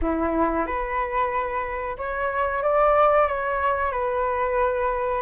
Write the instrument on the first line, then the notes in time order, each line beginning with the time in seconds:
flute
0.01 E4
0.66 B4
1.97 C#5
2.62 D5
3.27 C#5
3.91 B4